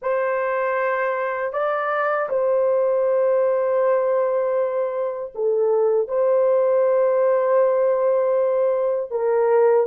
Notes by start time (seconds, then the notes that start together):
0.01 C5
1.52 D5
2.29 C5
5.34 A4
6.08 C5
9.10 A#4